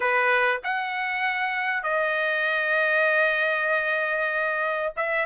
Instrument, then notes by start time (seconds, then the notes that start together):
trumpet
0.00 B4
0.63 F#5
1.83 D#5
4.96 E5